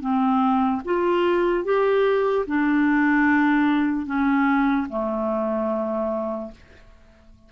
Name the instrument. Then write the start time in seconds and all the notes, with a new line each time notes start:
clarinet
0.00 C4
0.84 F4
1.64 G4
2.47 D4
4.06 C#4
4.89 A3